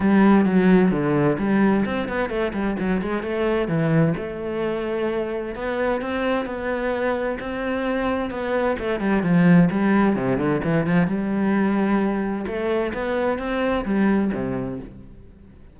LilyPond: \new Staff \with { instrumentName = "cello" } { \time 4/4 \tempo 4 = 130 g4 fis4 d4 g4 | c'8 b8 a8 g8 fis8 gis8 a4 | e4 a2. | b4 c'4 b2 |
c'2 b4 a8 g8 | f4 g4 c8 d8 e8 f8 | g2. a4 | b4 c'4 g4 c4 | }